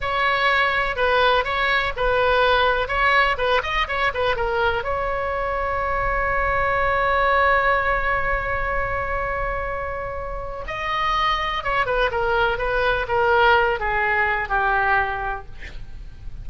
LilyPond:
\new Staff \with { instrumentName = "oboe" } { \time 4/4 \tempo 4 = 124 cis''2 b'4 cis''4 | b'2 cis''4 b'8 dis''8 | cis''8 b'8 ais'4 cis''2~ | cis''1~ |
cis''1~ | cis''2 dis''2 | cis''8 b'8 ais'4 b'4 ais'4~ | ais'8 gis'4. g'2 | }